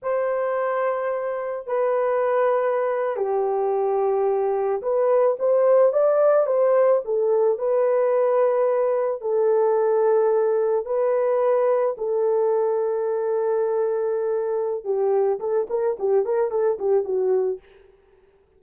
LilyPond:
\new Staff \with { instrumentName = "horn" } { \time 4/4 \tempo 4 = 109 c''2. b'4~ | b'4.~ b'16 g'2~ g'16~ | g'8. b'4 c''4 d''4 c''16~ | c''8. a'4 b'2~ b'16~ |
b'8. a'2. b'16~ | b'4.~ b'16 a'2~ a'16~ | a'2. g'4 | a'8 ais'8 g'8 ais'8 a'8 g'8 fis'4 | }